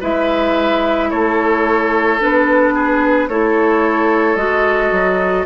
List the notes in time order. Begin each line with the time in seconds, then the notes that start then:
0.00 G#3 E4 B4 E5
1.10 A3 A4 C#5
2.19 B3 D4 B4
2.74 G#4
3.28 A3 E4 A4 C#5
4.35 G#3 F#4 D#5
4.91 F#3